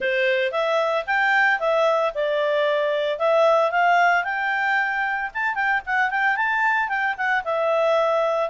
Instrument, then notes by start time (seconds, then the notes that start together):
clarinet
0.00 C5
0.51 E5
1.06 G5
1.59 E5
2.14 D5
3.18 E5
3.71 F5
4.24 G5
5.34 A5
5.54 G5
5.86 F#5
6.10 G5
6.36 A5
6.88 G5
7.17 F#5
7.44 E5